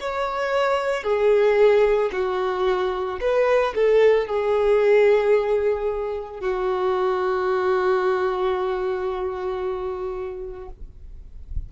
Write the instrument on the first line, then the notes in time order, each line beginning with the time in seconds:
violin
0.00 C#5
1.03 G#4
2.12 F#4
3.20 B4
3.75 A4
4.27 G#4
6.40 F#4